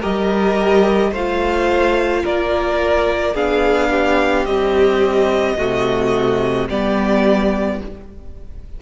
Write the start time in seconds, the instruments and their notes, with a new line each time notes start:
0.00 cello G3, viola G4, violin A#4 D#5
1.12 cello A3, viola F4, violin C5 F5
2.24 cello A#3, violin A#4 D5
3.34 cello B3, viola D4, violin G#4 F5
3.91 violin G4
4.46 viola G3, cello C4, violin D#5
5.57 cello C3, viola A3, violin F#4
6.69 cello G3, viola B3, violin G4 D5